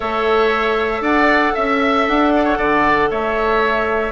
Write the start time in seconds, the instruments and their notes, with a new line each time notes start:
0.00 bassoon A3, clarinet A4, oboe C#5, flute E5
1.00 bassoon D4, oboe D5, flute F#5
1.54 bassoon C#4, oboe E5, flute E5
2.07 bassoon D4, flute F#5
2.36 oboe D5
2.44 oboe C#5
2.58 bassoon D3, oboe D5
3.10 bassoon A3, oboe C#5, flute E5